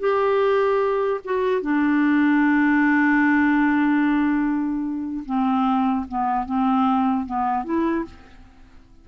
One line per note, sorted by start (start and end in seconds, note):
0.00 1.21 G4
1.25 1.62 F#4
1.62 5.24 D4
5.26 6.06 C4
6.09 6.46 B3
6.46 7.26 C4
7.27 7.65 B3
7.65 8.05 E4